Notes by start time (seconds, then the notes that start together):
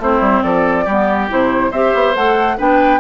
0.00 A3 C4 E4 C5
0.21 G3
0.44 F3 A4 D5
0.85 G3 B3 G4
1.29 C3 E4 C5
1.71 C4 G4 C5 E5
1.95 B3
2.15 A3 A4 F#5
2.58 B3 D4 B4 G5